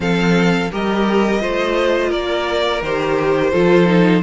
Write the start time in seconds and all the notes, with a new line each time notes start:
0.00 F3 C4 A4 F5
0.71 G3 G4 A#4 D#5
1.40 A3 F4 C5
2.09 A#3 A#4 D5
2.82 D#3 G4 C5
3.51 F3 F4 A4
3.85 D#4